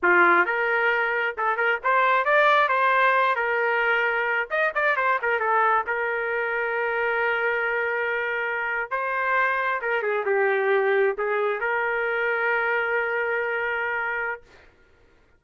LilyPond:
\new Staff \with { instrumentName = "trumpet" } { \time 4/4 \tempo 4 = 133 f'4 ais'2 a'8 ais'8 | c''4 d''4 c''4. ais'8~ | ais'2 dis''8 d''8 c''8 ais'8 | a'4 ais'2.~ |
ais'2.~ ais'8. c''16~ | c''4.~ c''16 ais'8 gis'8 g'4~ g'16~ | g'8. gis'4 ais'2~ ais'16~ | ais'1 | }